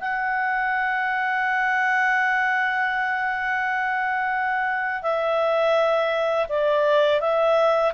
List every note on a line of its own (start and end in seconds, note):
0.00 5.02 F#5
5.02 6.47 E5
6.49 7.21 D5
7.21 7.93 E5